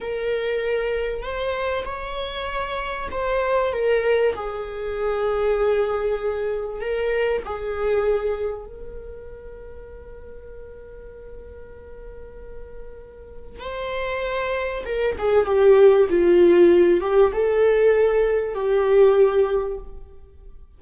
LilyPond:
\new Staff \with { instrumentName = "viola" } { \time 4/4 \tempo 4 = 97 ais'2 c''4 cis''4~ | cis''4 c''4 ais'4 gis'4~ | gis'2. ais'4 | gis'2 ais'2~ |
ais'1~ | ais'2 c''2 | ais'8 gis'8 g'4 f'4. g'8 | a'2 g'2 | }